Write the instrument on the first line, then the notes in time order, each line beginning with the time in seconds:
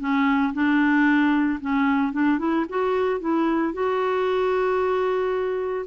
clarinet
0.00 C#4
0.53 D4
1.60 C#4
2.12 D4
2.39 E4
2.69 F#4
3.20 E4
3.74 F#4